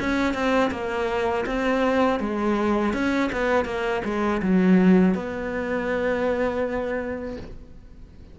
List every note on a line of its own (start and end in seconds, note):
0.00 0.34 C#4
0.34 0.71 C4
0.71 1.45 A#3
1.46 2.20 C4
2.20 2.94 G#3
2.94 3.31 C#4
3.33 3.65 B3
3.65 4.02 A#3
4.05 4.42 G#3
4.42 5.15 F#3
5.15 7.37 B3